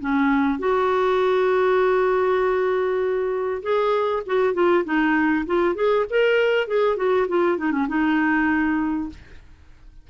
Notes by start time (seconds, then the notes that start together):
0.00 C#4
0.59 F#4
3.62 G#4
4.26 F#4
4.54 F4
4.84 D#4
5.46 F4
5.75 G#4
6.10 A#4
6.67 G#4
6.96 F#4
7.28 F4
7.58 D#4
7.72 C#4
7.88 D#4